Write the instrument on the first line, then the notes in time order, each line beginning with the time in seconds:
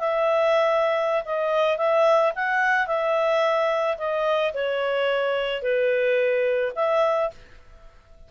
clarinet
0.00 E5
1.25 D#5
1.78 E5
2.36 F#5
2.87 E5
3.98 D#5
4.54 C#5
5.63 B4
6.76 E5